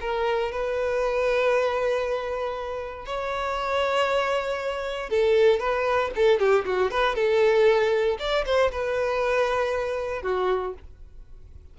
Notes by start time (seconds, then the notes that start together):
0.00 A#4
0.52 B4
3.06 C#5
5.10 A4
5.59 B4
6.15 A4
6.39 G4
6.65 F#4
6.91 B4
7.15 A4
8.19 D5
8.45 C5
8.72 B4
10.22 F#4